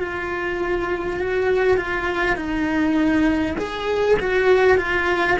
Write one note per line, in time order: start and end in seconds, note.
0.00 1.20 F4
1.20 1.77 F#4
1.77 2.36 F4
2.36 3.56 D#4
3.58 4.18 G#4
4.19 4.77 F#4
4.77 5.37 F4